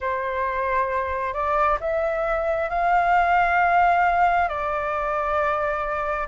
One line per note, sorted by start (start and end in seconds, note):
0.00 1.33 C5
1.33 1.78 D5
1.80 2.69 E5
2.69 4.48 F5
4.48 6.27 D5